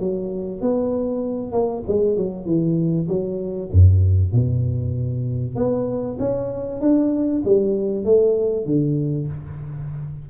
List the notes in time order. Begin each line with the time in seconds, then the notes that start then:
0.00 F#3
0.62 B3
1.52 A#3
1.88 G#3
2.17 F#3
2.46 E3
3.09 F#3
3.72 F#2
4.33 B2
5.56 B3
6.19 C#4
6.81 D4
7.45 G3
8.05 A3
8.66 D3